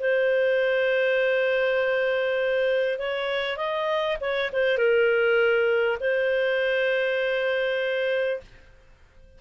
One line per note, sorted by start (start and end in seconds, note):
0.00 2.99 C5
2.99 3.57 C#5
3.57 4.17 D#5
4.21 4.51 C#5
4.53 4.78 C5
4.78 5.98 A#4
6.01 8.41 C5